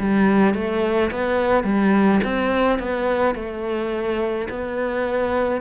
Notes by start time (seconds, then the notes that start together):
0.00 G3
0.55 A3
1.11 B3
1.65 G3
2.24 C4
2.79 B3
3.36 A3
4.50 B3